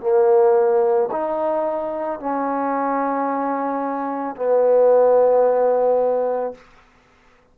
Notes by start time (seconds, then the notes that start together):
0.00 A#3
1.11 D#4
2.20 C#4
4.35 B3